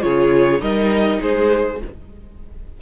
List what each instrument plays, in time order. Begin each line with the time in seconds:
0.00 cello C#3, viola F4, violin G#4 C#5
0.59 cello G3, viola D#4, violin A#4 D#5
1.20 cello G#3, violin G#4 C5